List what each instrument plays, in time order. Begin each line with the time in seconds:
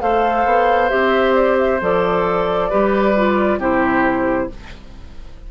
0.00 bassoon A3, clarinet A4, oboe C5, flute F5
0.45 bassoon B3
0.89 bassoon C4, clarinet G4, flute E5
1.35 flute D5
1.59 flute E5
1.81 bassoon F3, clarinet A4, flute D5
2.70 bassoon G3, clarinet G4, oboe B4
3.16 clarinet F4
3.58 bassoon C3, clarinet E4, oboe G4, flute C5